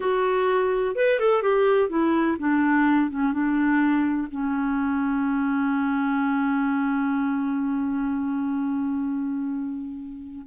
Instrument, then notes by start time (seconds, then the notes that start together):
clarinet
0.00 F#4
0.95 B4
1.19 A4
1.42 G4
1.89 E4
2.39 D4
3.10 C#4
3.32 D4
4.31 C#4